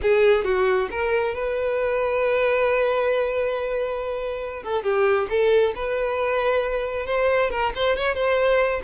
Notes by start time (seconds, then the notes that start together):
0.01 G#4
0.44 F#4
0.90 A#4
1.34 B4
4.63 A4
4.83 G4
5.29 A4
5.75 B4
7.06 C5
7.50 A#4
7.75 C5
7.96 C#5
8.14 C5